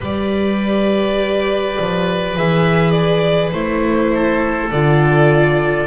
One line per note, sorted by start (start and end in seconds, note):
0.00 1.77 G3
0.00 2.35 G4
0.00 4.11 B4
0.00 2.37 D5
1.79 2.37 F3
2.35 3.52 E3
2.35 3.52 G#4
2.35 2.90 E5
2.90 3.49 D5
3.51 4.70 A3
3.51 4.70 E4
3.51 4.69 C5
4.14 5.86 A4
4.71 5.86 D3
4.71 5.86 F4
4.71 5.86 D5